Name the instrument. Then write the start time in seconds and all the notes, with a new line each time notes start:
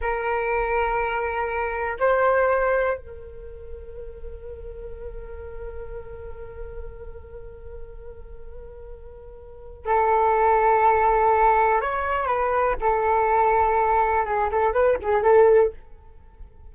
flute
0.01 A#4
1.99 C5
2.97 A#4
9.85 A4
11.81 C#5
12.26 B4
12.80 A4
14.25 G#4
14.51 A4
14.73 B4
15.02 G#4
15.22 A4